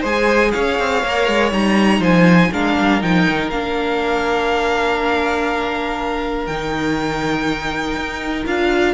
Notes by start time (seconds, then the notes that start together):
0.00 G#3 G#4 C5 G#5
0.51 C#4 C#5 F5
0.78 C4
1.03 A#3 A#4
1.28 G#3
1.51 G3 D#4 A#5
1.99 F3 C5 G#5
2.52 G#3 D4 A#4 F5
2.78 G3
3.01 F3 D#4 G5
3.29 D#3
3.49 A#3 D4 F5
6.46 D#3 D#4 G5
7.96 D#4
8.46 D4 F4 F5